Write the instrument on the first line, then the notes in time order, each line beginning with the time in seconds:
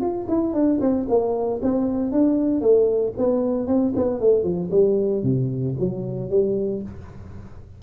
tuba
0.00 F4
0.28 E4
0.53 D4
0.80 C4
1.08 A#3
1.62 C4
2.12 D4
2.61 A3
3.17 B3
3.67 C4
3.96 B3
4.20 A3
4.43 F3
4.70 G3
5.23 C3
5.79 F#3
6.30 G3